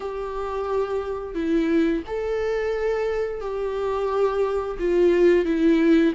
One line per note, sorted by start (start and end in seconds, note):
0.00 1.34 G4
1.34 2.02 E4
2.06 3.41 A4
3.41 4.77 G4
4.79 5.45 F4
5.45 6.13 E4